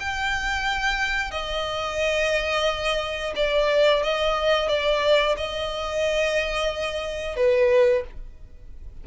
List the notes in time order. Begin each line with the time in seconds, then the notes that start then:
0.00 G5
1.31 D#5
3.36 D5
4.04 D#5
4.69 D5
5.37 D#5
7.37 B4